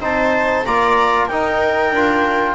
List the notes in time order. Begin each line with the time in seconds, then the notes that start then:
0.00 C4 D#4 C5 A5
0.65 A#3 F4 D5 A#5
1.25 D#4 A#4 G5
1.91 D4 F4